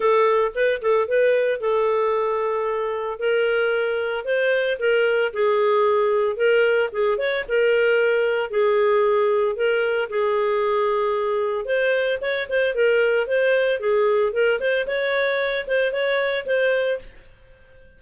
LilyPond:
\new Staff \with { instrumentName = "clarinet" } { \time 4/4 \tempo 4 = 113 a'4 b'8 a'8 b'4 a'4~ | a'2 ais'2 | c''4 ais'4 gis'2 | ais'4 gis'8 cis''8 ais'2 |
gis'2 ais'4 gis'4~ | gis'2 c''4 cis''8 c''8 | ais'4 c''4 gis'4 ais'8 c''8 | cis''4. c''8 cis''4 c''4 | }